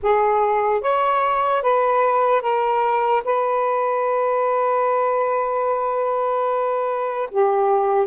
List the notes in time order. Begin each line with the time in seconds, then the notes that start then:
0.02 G#4
0.81 C#5
1.62 B4
2.41 A#4
3.24 B4
7.30 G4